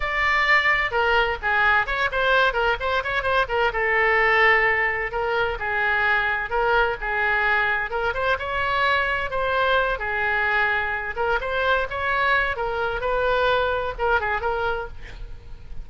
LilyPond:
\new Staff \with { instrumentName = "oboe" } { \time 4/4 \tempo 4 = 129 d''2 ais'4 gis'4 | cis''8 c''4 ais'8 c''8 cis''8 c''8 ais'8 | a'2. ais'4 | gis'2 ais'4 gis'4~ |
gis'4 ais'8 c''8 cis''2 | c''4. gis'2~ gis'8 | ais'8 c''4 cis''4. ais'4 | b'2 ais'8 gis'8 ais'4 | }